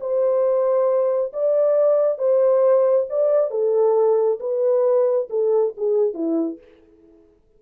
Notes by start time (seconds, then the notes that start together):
0.00 C5
1.33 D5
2.18 C5
3.09 D5
3.51 A4
4.40 B4
5.30 A4
5.77 G#4
6.14 E4